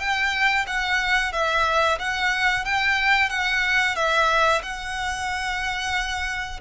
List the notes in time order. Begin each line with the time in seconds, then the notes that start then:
0.00 G5
0.67 F#5
1.33 E5
1.99 F#5
2.65 G5
3.30 F#5
3.96 E5
4.62 F#5